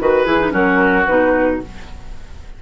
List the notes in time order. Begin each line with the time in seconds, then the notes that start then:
0.00 D#3 F#4 B4
0.24 E3 E4 G#4
0.40 D#4
0.51 F#3 C#4 F#4 A#4
1.06 B2 D#4 B4